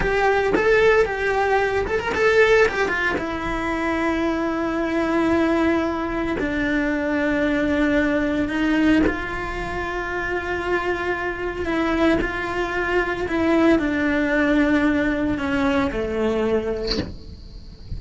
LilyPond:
\new Staff \with { instrumentName = "cello" } { \time 4/4 \tempo 4 = 113 g'4 a'4 g'4. a'16 ais'16 | a'4 g'8 f'8 e'2~ | e'1 | d'1 |
dis'4 f'2.~ | f'2 e'4 f'4~ | f'4 e'4 d'2~ | d'4 cis'4 a2 | }